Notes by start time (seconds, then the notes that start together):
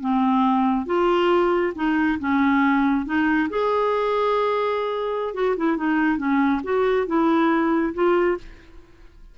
0.00 C4
0.86 F4
1.75 D#4
2.19 C#4
3.05 D#4
3.49 G#4
5.34 F#4
5.57 E4
5.76 D#4
6.17 C#4
6.63 F#4
7.06 E4
7.94 F4